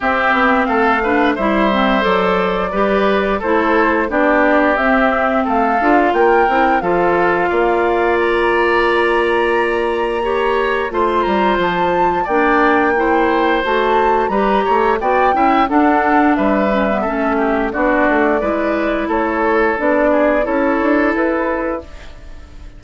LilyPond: <<
  \new Staff \with { instrumentName = "flute" } { \time 4/4 \tempo 4 = 88 e''4 f''4 e''4 d''4~ | d''4 c''4 d''4 e''4 | f''4 g''4 f''2 | ais''1 |
c'''8 ais''8 a''4 g''2 | a''4 ais''4 g''4 fis''4 | e''2 d''2 | cis''4 d''4 cis''4 b'4 | }
  \new Staff \with { instrumentName = "oboe" } { \time 4/4 g'4 a'8 b'8 c''2 | b'4 a'4 g'2 | a'4 ais'4 a'4 d''4~ | d''2. cis''4 |
c''2 d''4 c''4~ | c''4 b'8 cis''8 d''8 e''8 a'4 | b'4 a'8 g'8 fis'4 b'4 | a'4. gis'8 a'2 | }
  \new Staff \with { instrumentName = "clarinet" } { \time 4/4 c'4. d'8 e'8 c'8 a'4 | g'4 e'4 d'4 c'4~ | c'8 f'4 e'8 f'2~ | f'2. g'4 |
f'2 d'4 e'4 | fis'4 g'4 fis'8 e'8 d'4~ | d'8 cis'16 b16 cis'4 d'4 e'4~ | e'4 d'4 e'2 | }
  \new Staff \with { instrumentName = "bassoon" } { \time 4/4 c'8 b8 a4 g4 fis4 | g4 a4 b4 c'4 | a8 d'8 ais8 c'8 f4 ais4~ | ais1 |
a8 g8 f4 ais2 | a4 g8 a8 b8 cis'8 d'4 | g4 a4 b8 a8 gis4 | a4 b4 cis'8 d'8 e'4 | }
>>